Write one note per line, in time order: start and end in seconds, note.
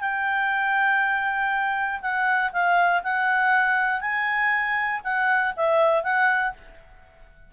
0.00 2.00 G5
2.01 2.51 F#5
2.52 3.02 F5
3.03 4.00 F#5
4.00 5.00 G#5
5.04 5.54 F#5
5.56 6.03 E5
6.03 6.53 F#5